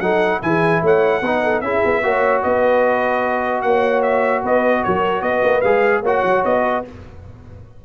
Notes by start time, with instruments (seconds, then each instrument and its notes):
0.00 tuba F#3, trombone D#4, horn A4, trumpet F#5
0.42 tuba E3, trombone E4, horn G#4, trumpet G#5
0.82 tuba A3, horn C#5, trumpet F#5
1.22 tuba B3, trombone D#4, horn B4
1.43 horn A4
1.61 tuba C#4, trombone E4, horn G#4, trumpet E5
1.85 tuba B3
2.03 tuba A#3, trombone F#4, horn C#5
2.43 tuba B3, horn B4, trumpet D#5
3.62 tuba A#3, horn C#5, trumpet F#5
4.02 trumpet E5
4.42 tuba B3, horn B4, trumpet D#5
4.84 tuba F#3, horn A#4, trumpet C#5
5.21 tuba B3, horn B4, trumpet D#5
5.43 tuba A#3
5.61 tuba G#3, trombone G#4, trumpet F5
6.02 tuba A#3, trombone F#4, horn C#5, trumpet F#5
6.24 tuba F#3
6.45 tuba B3, trumpet D#5
6.60 horn B4